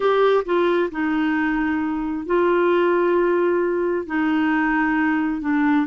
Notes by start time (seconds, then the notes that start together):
0.00 G4
0.45 F4
0.91 D#4
2.26 F4
4.06 D#4
5.41 D4